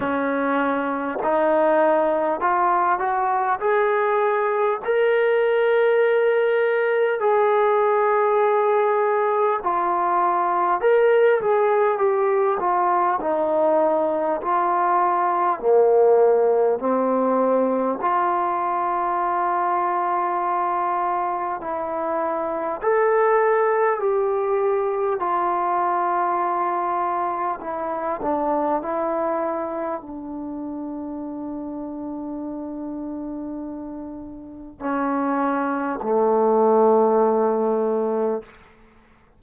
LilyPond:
\new Staff \with { instrumentName = "trombone" } { \time 4/4 \tempo 4 = 50 cis'4 dis'4 f'8 fis'8 gis'4 | ais'2 gis'2 | f'4 ais'8 gis'8 g'8 f'8 dis'4 | f'4 ais4 c'4 f'4~ |
f'2 e'4 a'4 | g'4 f'2 e'8 d'8 | e'4 d'2.~ | d'4 cis'4 a2 | }